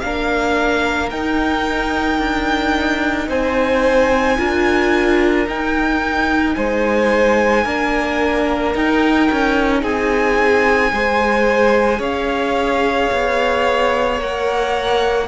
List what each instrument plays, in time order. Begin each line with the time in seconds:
0.00 cello A#3, viola D4, violin A#4 F5
1.10 viola D#4, cello D#4, violin G5
2.19 cello D4
3.28 cello C4, violin C5 G#5
4.38 cello D4, viola F4, violin A#4
5.47 cello D#4, viola D#4, violin G5
6.54 cello G#3, violin C5 G#5
7.64 cello A#3, viola D4, violin A#4
8.75 cello D#4, viola D#4, violin G5
9.31 cello C#4
9.82 cello C4, violin G#4 G#5
10.92 cello G#3, viola G#4, violin C5
11.99 cello C#4, violin C#5 F5
13.12 cello B3
14.18 cello A#3, viola A#4, violin F#5